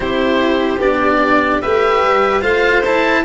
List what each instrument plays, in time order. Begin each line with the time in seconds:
0.00 tuba C4, cello E4, violin G4, oboe C5
0.78 tuba B3, cello D4, oboe D5
1.61 tuba A3, cello G4, violin B4, oboe E5
2.03 tuba G3
2.41 tuba A3, cello F4, violin C5, oboe F5
2.84 cello E4, oboe A5